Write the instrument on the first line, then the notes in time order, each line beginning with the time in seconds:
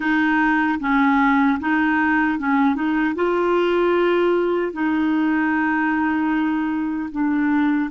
clarinet
0.00 D#4
0.79 C#4
1.60 D#4
2.39 C#4
2.75 D#4
3.15 F4
4.72 D#4
7.11 D4